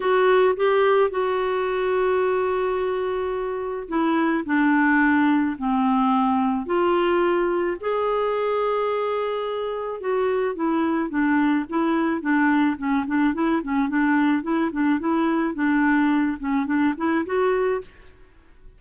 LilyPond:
\new Staff \with { instrumentName = "clarinet" } { \time 4/4 \tempo 4 = 108 fis'4 g'4 fis'2~ | fis'2. e'4 | d'2 c'2 | f'2 gis'2~ |
gis'2 fis'4 e'4 | d'4 e'4 d'4 cis'8 d'8 | e'8 cis'8 d'4 e'8 d'8 e'4 | d'4. cis'8 d'8 e'8 fis'4 | }